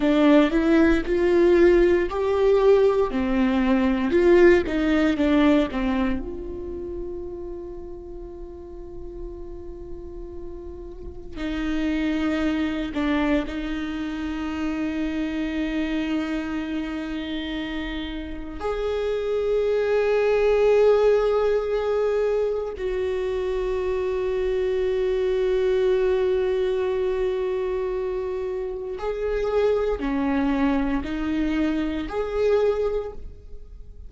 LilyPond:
\new Staff \with { instrumentName = "viola" } { \time 4/4 \tempo 4 = 58 d'8 e'8 f'4 g'4 c'4 | f'8 dis'8 d'8 c'8 f'2~ | f'2. dis'4~ | dis'8 d'8 dis'2.~ |
dis'2 gis'2~ | gis'2 fis'2~ | fis'1 | gis'4 cis'4 dis'4 gis'4 | }